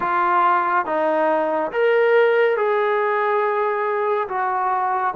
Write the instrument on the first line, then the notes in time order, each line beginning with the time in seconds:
trombone
0.00 F4
0.85 D#4
1.71 A#4
2.56 G#4
4.28 F#4